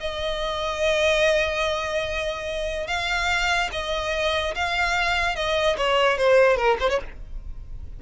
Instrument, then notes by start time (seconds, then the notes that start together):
violin
0.00 D#5
2.87 F5
3.72 D#5
4.55 F5
5.36 D#5
5.77 C#5
6.18 C5
6.57 A#4
6.80 C5
6.90 C#5